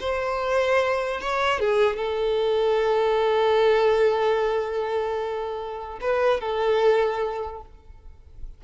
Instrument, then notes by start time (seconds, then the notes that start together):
violin
0.00 C5
1.21 C#5
1.60 G#4
1.97 A4
6.01 B4
6.41 A4